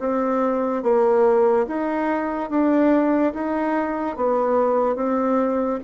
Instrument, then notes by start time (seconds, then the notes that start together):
bassoon
0.00 C4
0.83 A#3
1.67 D#4
2.50 D4
3.34 D#4
4.17 B3
4.96 C4